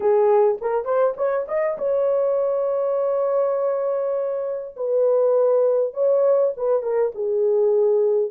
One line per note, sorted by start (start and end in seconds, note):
0.00 0.58 G#4
0.61 0.85 A#4
0.85 1.14 C5
1.16 1.46 C#5
1.47 1.77 D#5
1.78 4.75 C#5
4.76 5.93 B4
5.93 6.53 C#5
6.56 6.82 B4
6.82 7.12 A#4
7.14 8.31 G#4